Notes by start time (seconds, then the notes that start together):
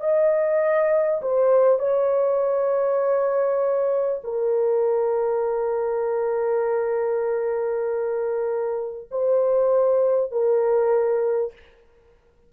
0.00 D#5
1.21 C5
1.79 C#5
4.24 A#4
9.11 C5
10.31 A#4